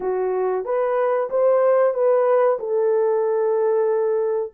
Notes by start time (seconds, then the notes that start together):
0.00 F#4
0.65 B4
1.29 C5
1.94 B4
2.59 A4